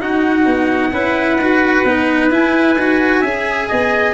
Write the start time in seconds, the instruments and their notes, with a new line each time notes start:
0.00 cello D#4, tuba D#4, trumpet F#4 F#5
0.45 tuba B3
0.92 tuba C#4, cello E4, trumpet B4
1.36 tuba D#4, cello F#4
1.84 tuba B3, cello D#4
2.30 tuba E4, cello E4, trumpet G#5
2.77 tuba D#4, cello F#4
3.21 tuba C#4, cello G#4, trumpet E5
3.68 tuba B3, trumpet D#5